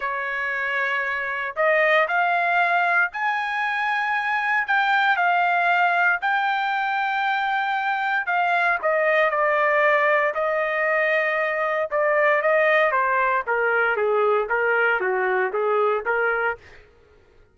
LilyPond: \new Staff \with { instrumentName = "trumpet" } { \time 4/4 \tempo 4 = 116 cis''2. dis''4 | f''2 gis''2~ | gis''4 g''4 f''2 | g''1 |
f''4 dis''4 d''2 | dis''2. d''4 | dis''4 c''4 ais'4 gis'4 | ais'4 fis'4 gis'4 ais'4 | }